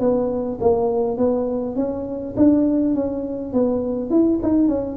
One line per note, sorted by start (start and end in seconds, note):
0.00 0.59 B3
0.61 1.18 A#3
1.18 1.76 B3
1.76 2.35 C#4
2.37 2.95 D4
2.95 3.53 C#4
3.53 4.11 B3
4.11 4.40 E4
4.43 4.68 D#4
4.68 4.98 C#4